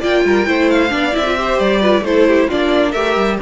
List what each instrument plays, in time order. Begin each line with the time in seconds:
0.00 cello A#3, viola F4, violin D5 G5
0.24 cello G3, violin A#4
0.46 cello A3, viola E4, violin C5
0.70 violin F5
0.89 cello B3, viola D4, violin D5
1.12 cello C4, viola E4, violin E5
1.26 viola F4
1.37 viola G4, violin C5
1.59 cello G3, violin D5
1.80 viola F4, violin B4
2.01 cello A3, viola E4, violin A4 C5
2.28 violin G4
2.48 cello A#3, viola D4, violin F4 D5
2.91 cello A3, viola G4, violin A#4 E5
3.16 cello G3